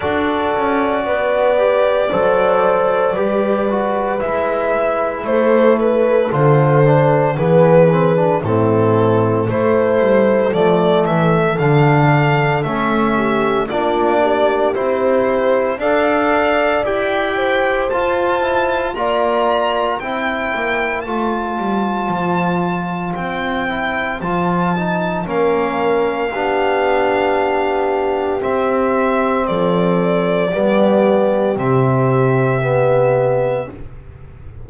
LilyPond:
<<
  \new Staff \with { instrumentName = "violin" } { \time 4/4 \tempo 4 = 57 d''1 | e''4 c''8 b'8 c''4 b'4 | a'4 c''4 d''8 e''8 f''4 | e''4 d''4 c''4 f''4 |
g''4 a''4 ais''4 g''4 | a''2 g''4 a''4 | f''2. e''4 | d''2 e''2 | }
  \new Staff \with { instrumentName = "horn" } { \time 4/4 a'4 b'4 c''4 b'4~ | b'4 a'2 gis'4 | e'4 a'2.~ | a'8 g'8 f'8 g'4. d''4~ |
d''8 c''4. d''4 c''4~ | c''1 | ais'4 g'2. | a'4 g'2. | }
  \new Staff \with { instrumentName = "trombone" } { \time 4/4 fis'4. g'8 a'4 g'8 fis'8 | e'2 f'8 d'8 b8 c'16 d'16 | c'4 e'4 a4 d'4 | cis'4 d'4 e'4 a'4 |
g'4 f'8 e'8 f'4 e'4 | f'2~ f'8 e'8 f'8 dis'8 | cis'4 d'2 c'4~ | c'4 b4 c'4 b4 | }
  \new Staff \with { instrumentName = "double bass" } { \time 4/4 d'8 cis'8 b4 fis4 g4 | gis4 a4 d4 e4 | a,4 a8 g8 f8 e8 d4 | a4 ais4 c'4 d'4 |
e'4 f'4 ais4 c'8 ais8 | a8 g8 f4 c'4 f4 | ais4 b2 c'4 | f4 g4 c2 | }
>>